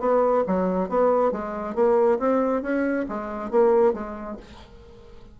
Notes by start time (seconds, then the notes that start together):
0.00 B3
0.47 F#3
0.89 B3
1.32 G#3
1.75 A#3
2.19 C4
2.62 C#4
3.09 G#3
3.51 A#3
3.93 G#3